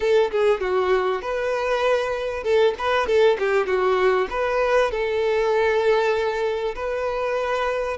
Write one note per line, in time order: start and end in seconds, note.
0.00 0.31 A4
0.31 0.60 G#4
0.60 1.21 F#4
1.21 2.43 B4
2.43 2.74 A4
2.78 3.06 B4
3.06 3.37 A4
3.38 3.66 G4
3.66 4.27 F#4
4.29 4.91 B4
4.91 6.74 A4
6.75 7.97 B4